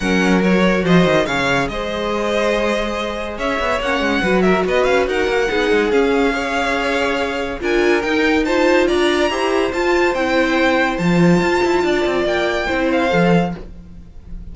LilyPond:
<<
  \new Staff \with { instrumentName = "violin" } { \time 4/4 \tempo 4 = 142 fis''4 cis''4 dis''4 f''4 | dis''1 | e''4 fis''4. e''8 dis''8 f''8 | fis''2 f''2~ |
f''2 gis''4 g''4 | a''4 ais''2 a''4 | g''2 a''2~ | a''4 g''4. f''4. | }
  \new Staff \with { instrumentName = "violin" } { \time 4/4 ais'2 c''4 cis''4 | c''1 | cis''2 b'8 ais'8 b'4 | ais'4 gis'2 cis''4~ |
cis''2 ais'2 | c''4 d''4 c''2~ | c''1 | d''2 c''2 | }
  \new Staff \with { instrumentName = "viola" } { \time 4/4 cis'4 fis'2 gis'4~ | gis'1~ | gis'4 cis'4 fis'2~ | fis'4 dis'4 cis'4 gis'4~ |
gis'2 f'4 dis'4 | f'2 g'4 f'4 | e'2 f'2~ | f'2 e'4 a'4 | }
  \new Staff \with { instrumentName = "cello" } { \time 4/4 fis2 f8 dis8 cis4 | gis1 | cis'8 b8 ais8 gis8 fis4 b8 cis'8 | dis'8 ais8 b8 gis8 cis'2~ |
cis'2 d'4 dis'4~ | dis'4 d'4 e'4 f'4 | c'2 f4 f'8 e'8 | d'8 c'8 ais4 c'4 f4 | }
>>